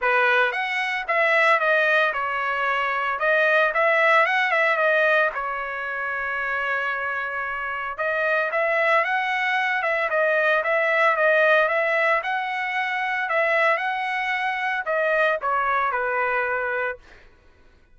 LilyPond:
\new Staff \with { instrumentName = "trumpet" } { \time 4/4 \tempo 4 = 113 b'4 fis''4 e''4 dis''4 | cis''2 dis''4 e''4 | fis''8 e''8 dis''4 cis''2~ | cis''2. dis''4 |
e''4 fis''4. e''8 dis''4 | e''4 dis''4 e''4 fis''4~ | fis''4 e''4 fis''2 | dis''4 cis''4 b'2 | }